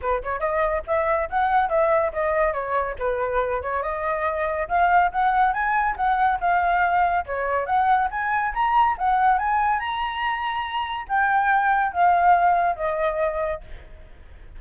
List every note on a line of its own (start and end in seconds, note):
0.01 0.22 B4
0.23 0.40 C#5
0.40 0.82 D#5
0.86 1.29 E5
1.29 1.69 F#5
1.69 2.11 E5
2.12 2.53 D#5
2.53 2.95 C#5
2.98 3.62 B4
3.62 3.82 C#5
3.82 4.68 D#5
4.68 5.11 F5
5.11 5.53 F#5
5.53 5.95 G#5
5.96 6.39 F#5
6.40 7.25 F5
7.26 7.66 C#5
7.66 8.08 F#5
8.11 8.53 G#5
8.54 8.96 A#5
8.98 9.38 F#5
9.38 9.79 G#5
9.79 11.07 A#5
11.08 11.92 G5
11.92 12.76 F5
12.76 13.61 D#5